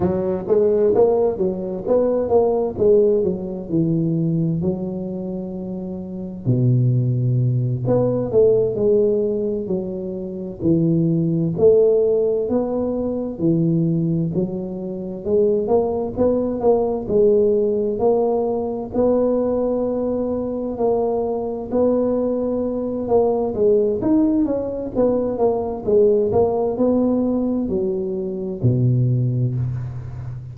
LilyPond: \new Staff \with { instrumentName = "tuba" } { \time 4/4 \tempo 4 = 65 fis8 gis8 ais8 fis8 b8 ais8 gis8 fis8 | e4 fis2 b,4~ | b,8 b8 a8 gis4 fis4 e8~ | e8 a4 b4 e4 fis8~ |
fis8 gis8 ais8 b8 ais8 gis4 ais8~ | ais8 b2 ais4 b8~ | b4 ais8 gis8 dis'8 cis'8 b8 ais8 | gis8 ais8 b4 fis4 b,4 | }